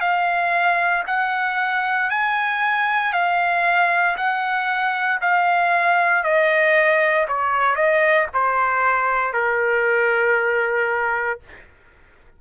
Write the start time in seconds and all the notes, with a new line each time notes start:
0.00 F5
1.07 F#5
2.10 G#5
3.13 F5
4.17 F#5
5.21 F5
6.24 D#5
7.28 C#5
7.75 D#5
8.34 C5
9.33 A#4